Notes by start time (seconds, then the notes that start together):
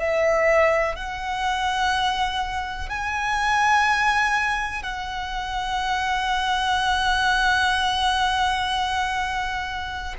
0.00 E5
0.96 F#5
2.89 G#5
4.83 F#5